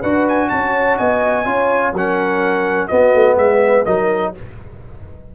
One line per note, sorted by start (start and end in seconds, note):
0.00 0.51 D4
0.00 1.45 F#4
0.00 0.48 B4
0.00 0.27 F#5
0.28 0.49 G#5
0.49 0.99 C#4
0.49 0.97 C#5
0.49 0.97 A5
0.97 1.45 B3
0.97 1.45 D#5
0.97 1.94 G#5
1.45 1.93 C#4
1.45 1.93 F4
1.45 1.93 C#5
1.93 2.89 F#3
1.93 2.90 C#4
1.93 2.89 A#4
1.93 2.88 F#5
2.88 3.85 B3
2.88 3.14 B3
2.88 3.37 F#4
2.88 3.36 D#5
3.14 3.37 A3
3.37 3.85 G#3
3.37 3.85 B4
3.37 3.85 E5
3.85 4.35 F#3
3.85 4.34 D#4
3.85 4.33 A#4
3.85 4.33 D#5